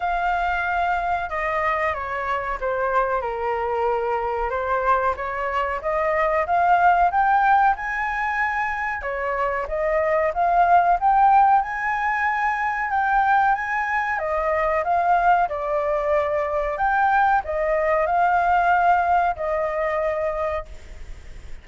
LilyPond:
\new Staff \with { instrumentName = "flute" } { \time 4/4 \tempo 4 = 93 f''2 dis''4 cis''4 | c''4 ais'2 c''4 | cis''4 dis''4 f''4 g''4 | gis''2 cis''4 dis''4 |
f''4 g''4 gis''2 | g''4 gis''4 dis''4 f''4 | d''2 g''4 dis''4 | f''2 dis''2 | }